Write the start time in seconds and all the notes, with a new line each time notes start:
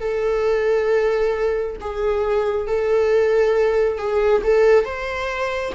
0.00 A4
1.81 G#4
2.67 A4
3.98 G#4
4.44 A4
4.84 C5